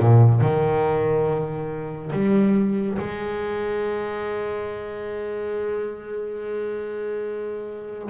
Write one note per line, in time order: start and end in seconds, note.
0.00 0.41 A#2
0.41 2.12 D#3
2.13 2.98 G3
2.99 8.10 G#3